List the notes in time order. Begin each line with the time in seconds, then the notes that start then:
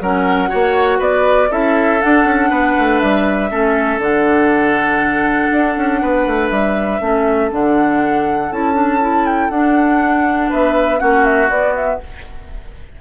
0.00 F#3 C#4 A#4 F#5
0.48 A#3 F#4 C#5
0.99 B3 B4 D5
1.51 C#4 E4 A4 E5
2.01 D4 F#5
2.24 C#4
2.50 B3 B4
2.78 A3
2.99 G3 E5
3.49 A3 C#4 A4
3.98 D3 D4 F#5
5.52 D4
5.76 C#4
6.01 B3 B4
6.26 A3
6.49 G3 E5
7.01 A3 C#4 A4
7.51 D3 D4 F#5
8.51 C#4 E4 A5
8.73 D4
9.01 E4
9.25 G5
9.50 D4 F#5
10.49 B3 B4 E5
10.98 A#3 C#4 F#4 F#5
11.24 E5
11.49 B3 D5
11.75 E5